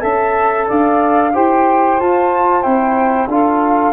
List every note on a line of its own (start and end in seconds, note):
0.00 0.68 C#4
0.00 1.30 A4
0.00 0.66 E5
0.00 0.68 A5
0.67 1.35 D4
0.67 1.32 D5
0.67 1.35 F5
1.32 2.00 E4
1.32 1.98 G4
1.32 3.29 C5
1.32 2.00 G5
2.00 2.62 F4
2.00 2.65 F4
2.00 2.62 A5
2.62 3.27 C4
2.62 3.28 E4
2.62 3.27 G5
3.27 3.93 D4
3.27 3.93 F4
3.27 3.93 A4
3.27 3.93 F5